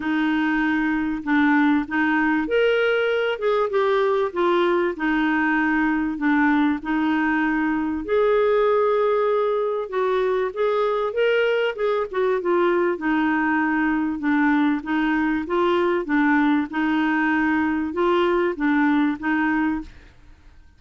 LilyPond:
\new Staff \with { instrumentName = "clarinet" } { \time 4/4 \tempo 4 = 97 dis'2 d'4 dis'4 | ais'4. gis'8 g'4 f'4 | dis'2 d'4 dis'4~ | dis'4 gis'2. |
fis'4 gis'4 ais'4 gis'8 fis'8 | f'4 dis'2 d'4 | dis'4 f'4 d'4 dis'4~ | dis'4 f'4 d'4 dis'4 | }